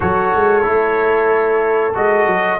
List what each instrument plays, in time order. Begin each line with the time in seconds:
0.00 tuba F#3, trombone F#4, horn A4, trumpet C#5
0.35 tuba G#3
0.62 tuba A3, trombone E4
1.94 tuba G#3, trombone F#4, trumpet D#5
2.26 tuba F#3